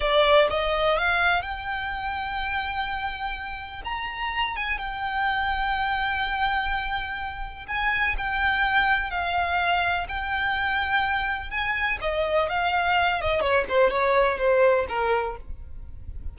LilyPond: \new Staff \with { instrumentName = "violin" } { \time 4/4 \tempo 4 = 125 d''4 dis''4 f''4 g''4~ | g''1 | ais''4. gis''8 g''2~ | g''1 |
gis''4 g''2 f''4~ | f''4 g''2. | gis''4 dis''4 f''4. dis''8 | cis''8 c''8 cis''4 c''4 ais'4 | }